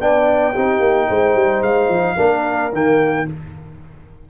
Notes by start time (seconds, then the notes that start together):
0.00 B3 D4 D5 G5
0.53 C4 D#4 G4
0.80 A#3
1.09 G#3 C5
1.35 G3
1.62 G#3 F5
1.89 F3
2.16 A#3 D4 A#4
2.72 D#3 A#3 G5